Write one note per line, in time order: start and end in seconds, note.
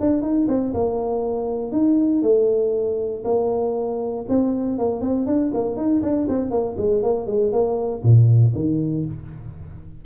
0.00 0.22 D4
0.22 0.47 D#4
0.48 0.73 C4
0.74 1.72 A#3
1.72 2.22 D#4
2.22 3.23 A3
3.24 4.25 A#3
4.29 4.78 C4
4.78 5.01 A#3
5.01 5.26 C4
5.26 5.52 D4
5.54 5.76 A#3
5.76 6.02 D#4
6.02 6.27 D4
6.29 6.50 C4
6.50 6.76 A#3
6.77 7.02 G#3
7.02 7.27 A#3
7.27 7.52 G#3
7.52 8.02 A#3
8.03 8.53 A#2
8.55 9.05 D#3